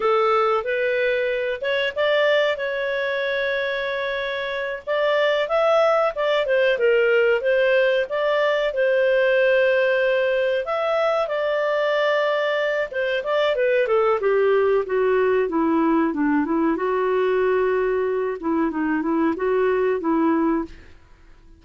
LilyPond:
\new Staff \with { instrumentName = "clarinet" } { \time 4/4 \tempo 4 = 93 a'4 b'4. cis''8 d''4 | cis''2.~ cis''8 d''8~ | d''8 e''4 d''8 c''8 ais'4 c''8~ | c''8 d''4 c''2~ c''8~ |
c''8 e''4 d''2~ d''8 | c''8 d''8 b'8 a'8 g'4 fis'4 | e'4 d'8 e'8 fis'2~ | fis'8 e'8 dis'8 e'8 fis'4 e'4 | }